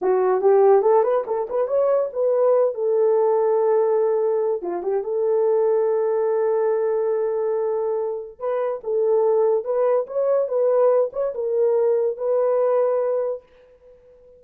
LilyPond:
\new Staff \with { instrumentName = "horn" } { \time 4/4 \tempo 4 = 143 fis'4 g'4 a'8 b'8 a'8 b'8 | cis''4 b'4. a'4.~ | a'2. f'8 g'8 | a'1~ |
a'1 | b'4 a'2 b'4 | cis''4 b'4. cis''8 ais'4~ | ais'4 b'2. | }